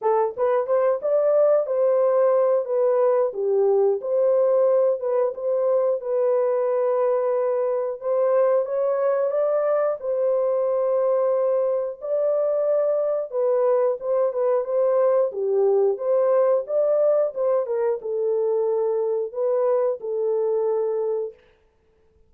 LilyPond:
\new Staff \with { instrumentName = "horn" } { \time 4/4 \tempo 4 = 90 a'8 b'8 c''8 d''4 c''4. | b'4 g'4 c''4. b'8 | c''4 b'2. | c''4 cis''4 d''4 c''4~ |
c''2 d''2 | b'4 c''8 b'8 c''4 g'4 | c''4 d''4 c''8 ais'8 a'4~ | a'4 b'4 a'2 | }